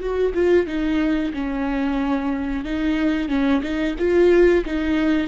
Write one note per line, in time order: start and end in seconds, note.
0.00 0.33 F#4
0.34 0.66 F4
0.66 1.32 D#4
1.33 2.64 C#4
2.64 3.28 D#4
3.28 3.61 C#4
3.62 3.95 D#4
3.98 4.64 F4
4.65 5.27 D#4